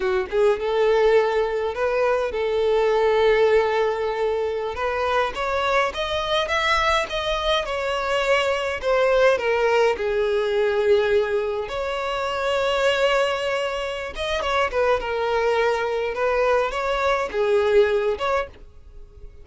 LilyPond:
\new Staff \with { instrumentName = "violin" } { \time 4/4 \tempo 4 = 104 fis'8 gis'8 a'2 b'4 | a'1~ | a'16 b'4 cis''4 dis''4 e''8.~ | e''16 dis''4 cis''2 c''8.~ |
c''16 ais'4 gis'2~ gis'8.~ | gis'16 cis''2.~ cis''8.~ | cis''8 dis''8 cis''8 b'8 ais'2 | b'4 cis''4 gis'4. cis''8 | }